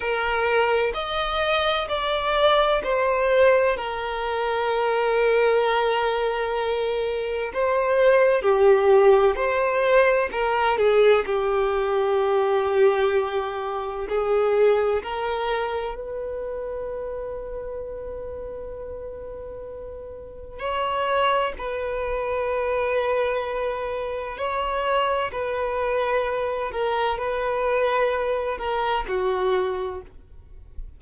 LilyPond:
\new Staff \with { instrumentName = "violin" } { \time 4/4 \tempo 4 = 64 ais'4 dis''4 d''4 c''4 | ais'1 | c''4 g'4 c''4 ais'8 gis'8 | g'2. gis'4 |
ais'4 b'2.~ | b'2 cis''4 b'4~ | b'2 cis''4 b'4~ | b'8 ais'8 b'4. ais'8 fis'4 | }